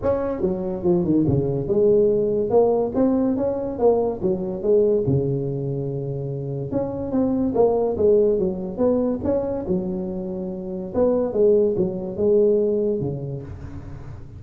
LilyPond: \new Staff \with { instrumentName = "tuba" } { \time 4/4 \tempo 4 = 143 cis'4 fis4 f8 dis8 cis4 | gis2 ais4 c'4 | cis'4 ais4 fis4 gis4 | cis1 |
cis'4 c'4 ais4 gis4 | fis4 b4 cis'4 fis4~ | fis2 b4 gis4 | fis4 gis2 cis4 | }